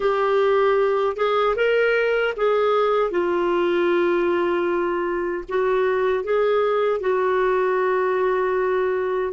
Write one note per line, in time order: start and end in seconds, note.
0.00 1.16 G4
1.16 1.55 G#4
1.56 2.34 A#4
2.36 3.10 G#4
3.10 5.44 F4
5.49 6.24 F#4
6.24 7.00 G#4
7.00 9.33 F#4